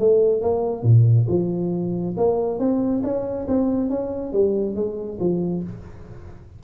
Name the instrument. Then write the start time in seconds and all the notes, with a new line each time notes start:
tuba
0.00 A3
0.42 A#3
0.84 A#2
1.29 F3
2.17 A#3
2.59 C4
3.04 C#4
3.48 C4
3.91 C#4
4.33 G3
4.76 G#3
5.21 F3